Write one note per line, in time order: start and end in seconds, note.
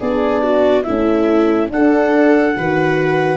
0.00 0.85 B3
0.00 0.85 D4
0.00 0.42 G#4
0.00 0.83 D5
0.42 0.84 F#4
0.83 1.69 A3
0.83 1.71 C#4
0.83 1.69 E4
0.83 1.67 E5
1.69 2.54 D4
1.69 2.55 D4
1.69 2.57 A4
1.69 3.37 F#5
2.55 3.37 D#3
2.55 3.37 F#4
2.55 3.37 B4